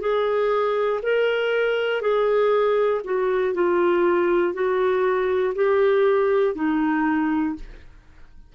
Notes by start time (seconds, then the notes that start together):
0.00 G#4
1.03 A#4
2.01 G#4
3.04 F#4
3.54 F4
4.54 F#4
5.55 G4
6.55 D#4